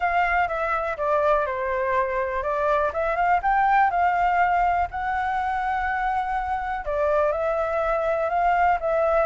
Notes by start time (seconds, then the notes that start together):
0.00 F5
0.48 E5
0.97 D5
1.45 C5
2.43 D5
2.93 E5
3.16 F5
3.42 G5
3.90 F5
4.90 F#5
6.85 D5
7.32 E5
8.29 F5
8.80 E5